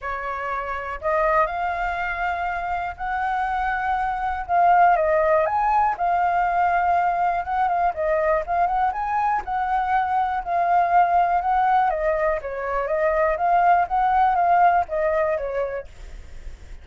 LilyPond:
\new Staff \with { instrumentName = "flute" } { \time 4/4 \tempo 4 = 121 cis''2 dis''4 f''4~ | f''2 fis''2~ | fis''4 f''4 dis''4 gis''4 | f''2. fis''8 f''8 |
dis''4 f''8 fis''8 gis''4 fis''4~ | fis''4 f''2 fis''4 | dis''4 cis''4 dis''4 f''4 | fis''4 f''4 dis''4 cis''4 | }